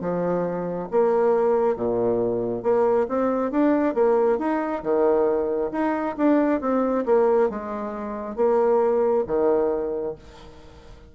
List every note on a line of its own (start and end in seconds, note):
0.00 0.88 F3
0.90 1.75 A#3
1.75 2.62 A#2
2.62 3.06 A#3
3.08 3.51 C4
3.51 3.94 D4
3.94 4.38 A#3
4.38 4.82 D#4
4.82 5.70 D#3
5.71 6.15 D#4
6.17 6.61 D4
6.61 7.05 C4
7.05 7.49 A#3
7.49 8.36 G#3
8.36 9.24 A#3
9.26 10.15 D#3